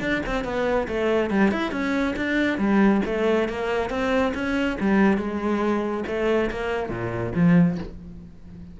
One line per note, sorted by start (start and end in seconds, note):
0.00 0.22 D4
0.26 0.44 C4
0.44 0.87 B3
0.87 1.30 A3
1.30 1.51 G3
1.51 1.71 E4
1.71 2.14 C#4
2.16 2.58 D4
2.58 3.01 G3
3.05 3.48 A3
3.48 3.90 A#3
3.90 4.33 C4
4.34 4.77 C#4
4.80 5.17 G3
5.17 6.03 G#3
6.07 6.50 A3
6.50 6.89 A#3
6.89 7.32 A#2
7.35 7.78 F3